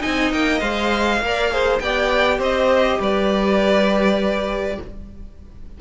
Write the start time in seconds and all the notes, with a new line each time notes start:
0.00 C4 D#4 D#5 G#5
0.32 A#3 G5
0.60 G#3 C5 F5
1.20 A#3 A#4
1.26 D5
1.51 G#4 C5
1.79 B3 G4 D5 G5
2.38 C4 C5 D#5
2.99 G3 B4 D5